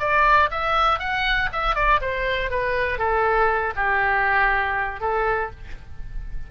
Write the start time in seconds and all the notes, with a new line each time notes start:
0.00 D5
0.51 E5
1.00 F#5
1.53 E5
1.76 D5
2.02 C5
2.51 B4
2.99 A4
3.77 G4
5.01 A4